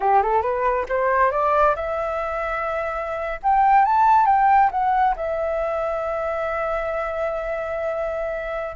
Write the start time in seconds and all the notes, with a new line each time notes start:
0.00 G4
0.22 A4
0.41 B4
0.88 C5
1.31 D5
1.75 E5
3.43 G5
3.85 A5
4.26 G5
4.71 F#5
5.16 E5